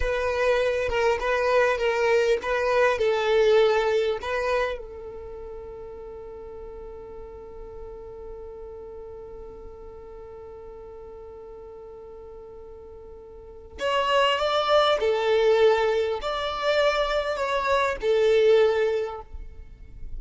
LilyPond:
\new Staff \with { instrumentName = "violin" } { \time 4/4 \tempo 4 = 100 b'4. ais'8 b'4 ais'4 | b'4 a'2 b'4 | a'1~ | a'1~ |
a'1~ | a'2. cis''4 | d''4 a'2 d''4~ | d''4 cis''4 a'2 | }